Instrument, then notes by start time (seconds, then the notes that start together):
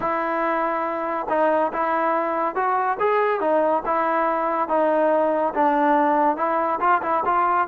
trombone
0.00 E4
1.29 D#4
1.73 E4
2.55 F#4
2.99 G#4
3.40 D#4
3.85 E4
4.68 D#4
5.54 D4
6.36 E4
6.80 F4
7.02 E4
7.25 F4